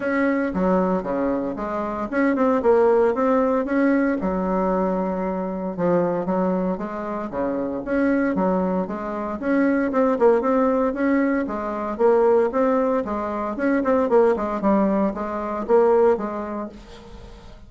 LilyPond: \new Staff \with { instrumentName = "bassoon" } { \time 4/4 \tempo 4 = 115 cis'4 fis4 cis4 gis4 | cis'8 c'8 ais4 c'4 cis'4 | fis2. f4 | fis4 gis4 cis4 cis'4 |
fis4 gis4 cis'4 c'8 ais8 | c'4 cis'4 gis4 ais4 | c'4 gis4 cis'8 c'8 ais8 gis8 | g4 gis4 ais4 gis4 | }